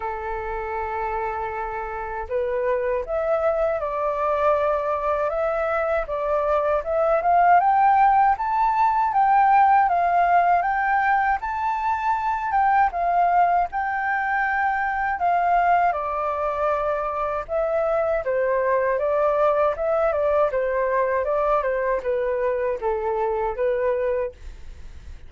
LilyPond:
\new Staff \with { instrumentName = "flute" } { \time 4/4 \tempo 4 = 79 a'2. b'4 | e''4 d''2 e''4 | d''4 e''8 f''8 g''4 a''4 | g''4 f''4 g''4 a''4~ |
a''8 g''8 f''4 g''2 | f''4 d''2 e''4 | c''4 d''4 e''8 d''8 c''4 | d''8 c''8 b'4 a'4 b'4 | }